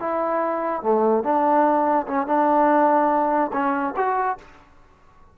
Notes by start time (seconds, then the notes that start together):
0.00 E4
0.83 A3
1.24 D4
2.07 C#4
2.27 D4
3.53 C#4
3.96 F#4